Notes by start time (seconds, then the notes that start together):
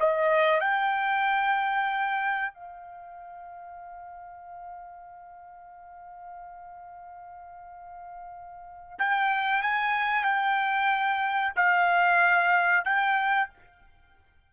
0.00 D#5
0.61 G5
2.54 F5
8.99 G5
9.62 G#5
10.24 G5
11.56 F5
12.85 G5